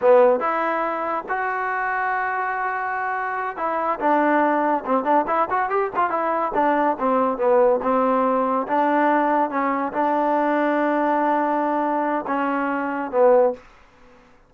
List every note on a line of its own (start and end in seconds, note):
0.01 0.40 B3
0.40 1.24 E4
1.28 3.56 F#4
3.56 3.99 E4
3.99 4.84 D4
4.85 5.04 C4
5.04 5.25 D4
5.27 5.48 E4
5.49 5.69 F#4
5.69 5.90 G4
5.96 6.10 F4
6.10 6.52 E4
6.54 6.96 D4
6.99 7.37 C4
7.37 7.80 B3
7.82 8.67 C4
8.67 9.50 D4
9.50 9.92 C#4
9.93 12.25 D4
12.27 13.11 C#4
13.11 13.53 B3